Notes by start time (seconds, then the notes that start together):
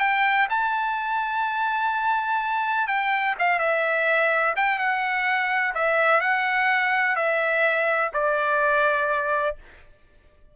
0.00 G5
0.50 A5
2.88 G5
3.39 F5
3.59 E5
4.56 G5
4.79 F#5
5.75 E5
6.21 F#5
7.16 E5
8.14 D5